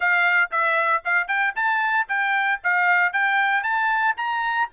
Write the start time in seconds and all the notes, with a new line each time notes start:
0.00 F5
0.51 E5
1.04 F5
1.27 G5
1.55 A5
2.08 G5
2.63 F5
3.12 G5
3.63 A5
4.16 A#5